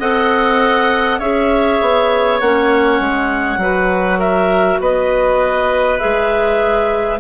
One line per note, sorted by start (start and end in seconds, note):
0.00 1.20 C4
0.00 1.21 A4
0.00 1.19 D#5
0.00 1.20 F#5
1.19 1.80 C#4
1.19 2.42 G#4
1.19 3.59 C#5
1.19 2.40 E5
1.82 2.41 B3
2.41 3.00 A#3
2.41 3.60 C#4
2.41 4.20 F#5
3.00 3.58 G#3
3.58 4.78 F#3
3.58 6.00 F#4
3.58 4.19 B4
4.19 4.79 A#4
4.19 4.80 E5
4.80 6.00 B3
4.80 7.21 B4
4.80 5.99 D#5
5.99 7.21 G#3
5.99 7.20 G#4
5.99 7.19 E5